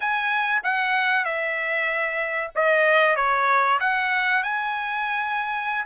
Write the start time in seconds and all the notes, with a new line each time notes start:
0.00 G#5
0.63 F#5
1.24 E5
2.55 D#5
3.16 C#5
3.80 F#5
4.43 G#5